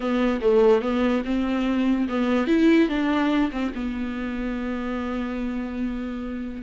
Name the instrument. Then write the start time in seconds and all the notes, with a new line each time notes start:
viola
0.00 B3
0.41 A3
0.81 B3
1.24 C4
2.08 B3
2.47 E4
2.89 D4
3.51 C4
3.74 B3